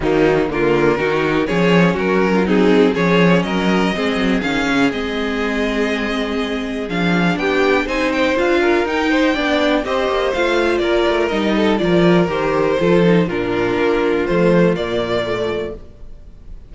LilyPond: <<
  \new Staff \with { instrumentName = "violin" } { \time 4/4 \tempo 4 = 122 dis'4 ais'2 cis''4 | ais'4 gis'4 cis''4 dis''4~ | dis''4 f''4 dis''2~ | dis''2 f''4 g''4 |
gis''8 g''8 f''4 g''2 | dis''4 f''4 d''4 dis''4 | d''4 c''2 ais'4~ | ais'4 c''4 d''2 | }
  \new Staff \with { instrumentName = "violin" } { \time 4/4 ais4 f'4 fis'4 gis'4 | fis'8. f'16 dis'4 gis'4 ais'4 | gis'1~ | gis'2. g'4 |
c''4. ais'4 c''8 d''4 | c''2 ais'4. a'8 | ais'2 a'4 f'4~ | f'1 | }
  \new Staff \with { instrumentName = "viola" } { \time 4/4 fis4 ais4 dis'4 cis'4~ | cis'4 c'4 cis'2 | c'4 cis'4 c'2~ | c'2 d'2 |
dis'4 f'4 dis'4 d'4 | g'4 f'2 dis'4 | f'4 g'4 f'8 dis'8 d'4~ | d'4 a4 ais4 a4 | }
  \new Staff \with { instrumentName = "cello" } { \time 4/4 dis4 d4 dis4 f4 | fis2 f4 fis4 | gis8 fis8 dis8 cis8 gis2~ | gis2 f4 b4 |
c'4 d'4 dis'4 b4 | c'8 ais8 a4 ais8 a8 g4 | f4 dis4 f4 ais,4 | ais4 f4 ais,2 | }
>>